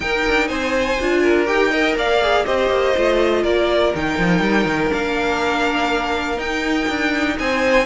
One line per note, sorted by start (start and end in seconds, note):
0.00 0.22 D#4
0.00 0.97 D#4
0.00 0.48 A#4
0.00 0.47 G5
0.27 0.49 D4
0.47 0.98 C4
0.47 1.22 C5
0.47 1.45 G#5
0.99 1.48 D4
0.99 1.46 F4
1.22 1.71 A#4
1.46 1.95 D#4
1.46 1.70 G4
1.46 1.95 G5
1.71 2.21 A#4
1.71 1.95 D#5
1.95 2.44 A#3
1.95 2.45 D5
1.95 2.45 F5
2.21 2.45 G#4
2.45 2.69 C4
2.45 2.95 G4
2.45 3.42 C5
2.45 3.43 D#5
2.69 2.93 A#3
2.97 3.44 A3
2.97 3.94 F4
3.42 3.93 A#3
3.42 7.35 A#4
3.42 3.92 D5
3.94 4.18 D#3
3.94 4.90 D#4
3.94 4.92 G5
4.18 4.40 F3
4.40 4.65 G3
4.65 4.89 D#3
4.90 6.37 A#3
4.90 6.36 D4
4.90 6.39 F5
6.36 7.84 D#4
6.36 6.87 D#4
6.36 7.37 G5
6.88 7.38 D4
7.38 7.85 C4
7.38 7.85 C5
7.38 7.85 G#5